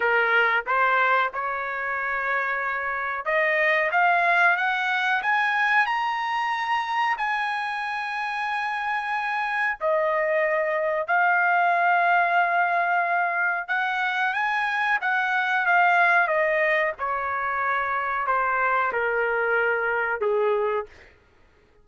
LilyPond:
\new Staff \with { instrumentName = "trumpet" } { \time 4/4 \tempo 4 = 92 ais'4 c''4 cis''2~ | cis''4 dis''4 f''4 fis''4 | gis''4 ais''2 gis''4~ | gis''2. dis''4~ |
dis''4 f''2.~ | f''4 fis''4 gis''4 fis''4 | f''4 dis''4 cis''2 | c''4 ais'2 gis'4 | }